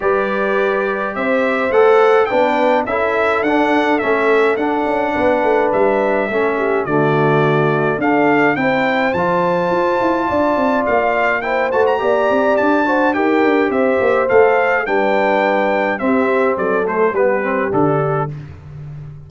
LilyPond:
<<
  \new Staff \with { instrumentName = "trumpet" } { \time 4/4 \tempo 4 = 105 d''2 e''4 fis''4 | g''4 e''4 fis''4 e''4 | fis''2 e''2 | d''2 f''4 g''4 |
a''2. f''4 | g''8 a''16 ais''4~ ais''16 a''4 g''4 | e''4 f''4 g''2 | e''4 d''8 c''8 b'4 a'4 | }
  \new Staff \with { instrumentName = "horn" } { \time 4/4 b'2 c''2 | b'4 a'2.~ | a'4 b'2 a'8 g'8 | fis'2 a'4 c''4~ |
c''2 d''2 | c''4 d''4. c''8 ais'4 | c''2 b'2 | g'4 a'4 g'2 | }
  \new Staff \with { instrumentName = "trombone" } { \time 4/4 g'2. a'4 | d'4 e'4 d'4 cis'4 | d'2. cis'4 | a2 d'4 e'4 |
f'1 | e'8 fis'8 g'4. fis'8 g'4~ | g'4 a'4 d'2 | c'4. a8 b8 c'8 d'4 | }
  \new Staff \with { instrumentName = "tuba" } { \time 4/4 g2 c'4 a4 | b4 cis'4 d'4 a4 | d'8 cis'8 b8 a8 g4 a4 | d2 d'4 c'4 |
f4 f'8 e'8 d'8 c'8 ais4~ | ais8 a8 ais8 c'8 d'4 dis'8 d'8 | c'8 ais8 a4 g2 | c'4 fis4 g4 d4 | }
>>